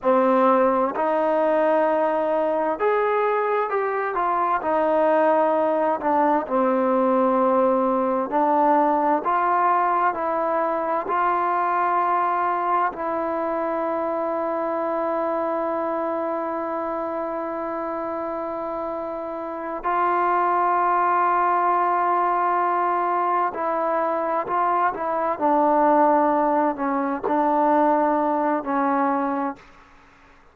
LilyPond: \new Staff \with { instrumentName = "trombone" } { \time 4/4 \tempo 4 = 65 c'4 dis'2 gis'4 | g'8 f'8 dis'4. d'8 c'4~ | c'4 d'4 f'4 e'4 | f'2 e'2~ |
e'1~ | e'4. f'2~ f'8~ | f'4. e'4 f'8 e'8 d'8~ | d'4 cis'8 d'4. cis'4 | }